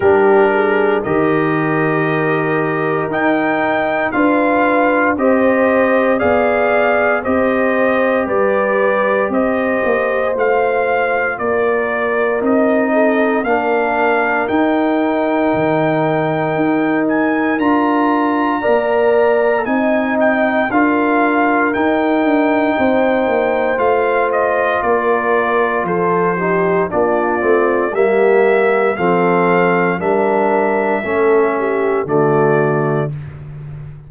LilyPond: <<
  \new Staff \with { instrumentName = "trumpet" } { \time 4/4 \tempo 4 = 58 ais'4 dis''2 g''4 | f''4 dis''4 f''4 dis''4 | d''4 dis''4 f''4 d''4 | dis''4 f''4 g''2~ |
g''8 gis''8 ais''2 gis''8 g''8 | f''4 g''2 f''8 dis''8 | d''4 c''4 d''4 e''4 | f''4 e''2 d''4 | }
  \new Staff \with { instrumentName = "horn" } { \time 4/4 g'8 gis'8 ais'2. | b'4 c''4 d''4 c''4 | b'4 c''2 ais'4~ | ais'8 a'8 ais'2.~ |
ais'2 d''4 dis''4 | ais'2 c''2 | ais'4 a'8 g'8 f'4 g'4 | a'4 ais'4 a'8 g'8 fis'4 | }
  \new Staff \with { instrumentName = "trombone" } { \time 4/4 d'4 g'2 dis'4 | f'4 g'4 gis'4 g'4~ | g'2 f'2 | dis'4 d'4 dis'2~ |
dis'4 f'4 ais'4 dis'4 | f'4 dis'2 f'4~ | f'4. dis'8 d'8 c'8 ais4 | c'4 d'4 cis'4 a4 | }
  \new Staff \with { instrumentName = "tuba" } { \time 4/4 g4 dis2 dis'4 | d'4 c'4 b4 c'4 | g4 c'8 ais8 a4 ais4 | c'4 ais4 dis'4 dis4 |
dis'4 d'4 ais4 c'4 | d'4 dis'8 d'8 c'8 ais8 a4 | ais4 f4 ais8 a8 g4 | f4 g4 a4 d4 | }
>>